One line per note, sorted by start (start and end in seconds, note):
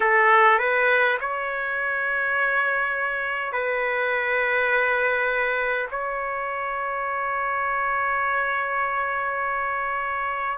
0.00 0.59 A4
0.59 1.18 B4
1.20 3.52 C#5
3.52 5.87 B4
5.90 10.58 C#5